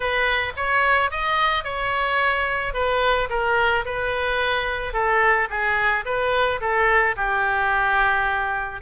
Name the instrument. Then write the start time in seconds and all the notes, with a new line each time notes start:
oboe
0.00 B4
0.56 C#5
1.10 D#5
1.64 C#5
2.73 B4
3.29 A#4
3.85 B4
4.93 A4
5.49 G#4
6.05 B4
6.60 A4
7.16 G4